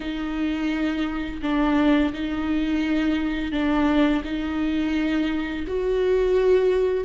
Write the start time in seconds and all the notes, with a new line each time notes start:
0.00 D#4
1.41 D4
2.13 D#4
3.51 D4
4.24 D#4
5.67 F#4